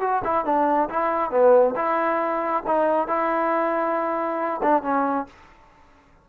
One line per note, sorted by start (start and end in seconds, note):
0.00 0.22 F#4
0.24 0.45 E4
0.45 0.89 D4
0.89 1.30 E4
1.30 1.74 B3
1.76 2.63 E4
2.66 3.07 D#4
3.07 4.61 E4
4.62 4.83 D4
4.83 5.26 C#4